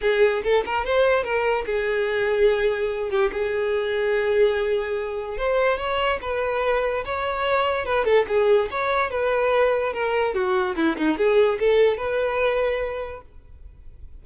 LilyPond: \new Staff \with { instrumentName = "violin" } { \time 4/4 \tempo 4 = 145 gis'4 a'8 ais'8 c''4 ais'4 | gis'2.~ gis'8 g'8 | gis'1~ | gis'4 c''4 cis''4 b'4~ |
b'4 cis''2 b'8 a'8 | gis'4 cis''4 b'2 | ais'4 fis'4 e'8 dis'8 gis'4 | a'4 b'2. | }